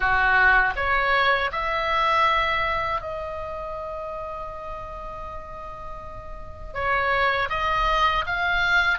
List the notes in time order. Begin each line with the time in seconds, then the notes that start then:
0.00 F#4
0.75 C#5
1.51 E5
3.01 D#5
6.73 C#5
7.49 D#5
8.26 F5